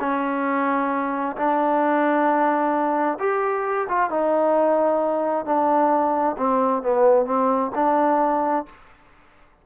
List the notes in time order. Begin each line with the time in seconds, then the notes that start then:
0.00 C#4
1.37 D4
3.20 G4
3.89 F4
4.10 D#4
5.46 D4
6.38 C4
6.83 B3
7.26 C4
7.75 D4